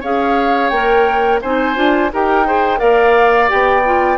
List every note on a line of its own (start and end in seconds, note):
0.00 0.70 C#4
0.00 0.72 G#4
0.00 1.40 C#5
0.00 0.69 F5
0.69 1.40 A#3
0.69 1.42 A#4
0.69 1.39 G5
1.41 1.76 C4
1.41 1.75 D#4
1.41 2.11 C5
1.41 2.12 G#5
1.75 2.11 D4
1.75 2.09 F4
2.12 2.81 D#4
2.12 2.45 G4
2.12 2.46 A#4
2.12 2.79 G5
2.45 2.77 G#4
2.45 2.79 C5
2.77 3.50 A#3
2.77 3.47 A#4
2.77 4.17 D5
2.77 3.49 F5
3.48 4.17 B3
3.48 3.82 G4
3.48 4.17 G5
3.85 4.17 F4